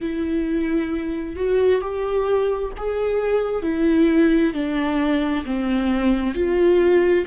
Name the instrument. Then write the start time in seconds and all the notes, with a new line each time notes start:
viola
0.00 E4
1.36 F#4
1.81 G4
2.77 G#4
3.62 E4
4.53 D4
5.45 C4
6.34 F4